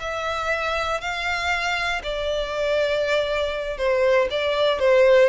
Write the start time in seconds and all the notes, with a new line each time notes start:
0.00 E5
1.00 F5
2.03 D5
3.77 C5
4.30 D5
4.79 C5